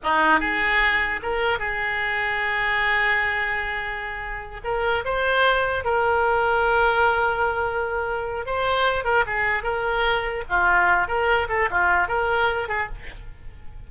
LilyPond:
\new Staff \with { instrumentName = "oboe" } { \time 4/4 \tempo 4 = 149 dis'4 gis'2 ais'4 | gis'1~ | gis'2.~ gis'8 ais'8~ | ais'8 c''2 ais'4.~ |
ais'1~ | ais'4 c''4. ais'8 gis'4 | ais'2 f'4. ais'8~ | ais'8 a'8 f'4 ais'4. gis'8 | }